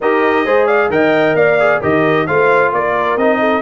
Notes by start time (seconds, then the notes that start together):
0.00 D#4 G4 A#4 D#5
0.45 G#3 G#4 C5
0.66 D5 F5
0.89 D#3 A#4 D#5 G5
1.34 A#3 D5 F5
1.59 G#4
1.80 D#3 G4 A#4 D#5
2.26 A3 F4 C5 F5
2.72 A#3 A#4 D5
3.16 C4 D#4 D#5
3.39 A4